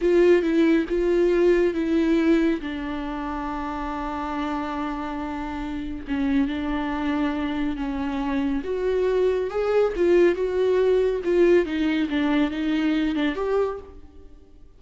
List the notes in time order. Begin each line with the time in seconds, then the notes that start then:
0.01 F4
0.42 E4
0.89 F4
1.74 E4
2.60 D4
6.07 C#4
6.47 D4
7.76 C#4
8.64 F#4
9.50 G#4
9.96 F4
10.35 F#4
11.24 F4
11.65 D#4
12.09 D4
12.50 D#4
13.15 D4
13.35 G4